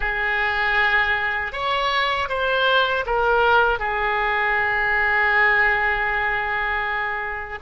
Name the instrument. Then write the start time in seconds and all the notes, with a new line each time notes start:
oboe
0.00 G#4
1.52 C#5
2.28 C5
3.06 A#4
3.79 G#4